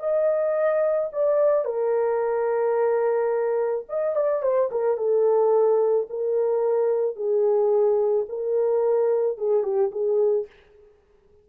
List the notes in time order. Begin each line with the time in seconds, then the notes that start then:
0.00 D#5
1.13 D5
1.65 A#4
3.89 D#5
4.16 D5
4.43 C5
4.72 A#4
4.98 A4
6.10 A#4
7.17 G#4
8.29 A#4
9.38 G#4
9.64 G4
9.92 G#4